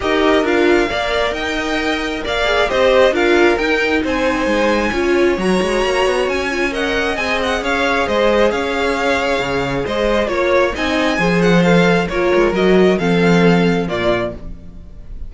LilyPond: <<
  \new Staff \with { instrumentName = "violin" } { \time 4/4 \tempo 4 = 134 dis''4 f''2 g''4~ | g''4 f''4 dis''4 f''4 | g''4 gis''2. | ais''2 gis''4 fis''4 |
gis''8 fis''8 f''4 dis''4 f''4~ | f''2 dis''4 cis''4 | gis''4. fis''8 f''4 cis''4 | dis''4 f''2 d''4 | }
  \new Staff \with { instrumentName = "violin" } { \time 4/4 ais'2 d''4 dis''4~ | dis''4 d''4 c''4 ais'4~ | ais'4 c''2 cis''4~ | cis''2. dis''4~ |
dis''4 cis''4 c''4 cis''4~ | cis''2 c''4 cis''4 | dis''4 c''2 ais'4~ | ais'4 a'2 f'4 | }
  \new Staff \with { instrumentName = "viola" } { \time 4/4 g'4 f'4 ais'2~ | ais'4. gis'8 g'4 f'4 | dis'2. f'4 | fis'2~ fis'8 f'8 ais'4 |
gis'1~ | gis'2. f'4 | dis'4 gis'4 a'4 f'4 | fis'4 c'2 ais4 | }
  \new Staff \with { instrumentName = "cello" } { \time 4/4 dis'4 d'4 ais4 dis'4~ | dis'4 ais4 c'4 d'4 | dis'4 c'4 gis4 cis'4 | fis8 gis8 ais8 b8 cis'2 |
c'4 cis'4 gis4 cis'4~ | cis'4 cis4 gis4 ais4 | c'4 f2 ais8 gis8 | fis4 f2 ais,4 | }
>>